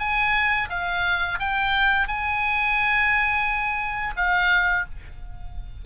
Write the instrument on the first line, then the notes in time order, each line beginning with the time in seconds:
oboe
0.00 G#5
0.70 F5
1.39 G5
2.08 G#5
4.17 F5